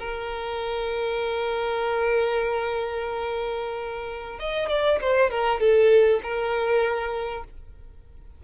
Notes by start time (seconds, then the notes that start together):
0.00 A#4
4.39 D#5
4.69 D5
5.01 C5
5.31 A#4
5.60 A4
6.23 A#4